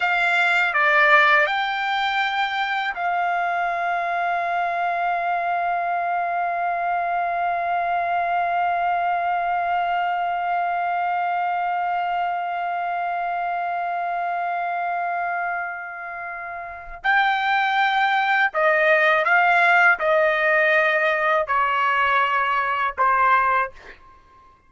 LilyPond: \new Staff \with { instrumentName = "trumpet" } { \time 4/4 \tempo 4 = 81 f''4 d''4 g''2 | f''1~ | f''1~ | f''1~ |
f''1~ | f''2. g''4~ | g''4 dis''4 f''4 dis''4~ | dis''4 cis''2 c''4 | }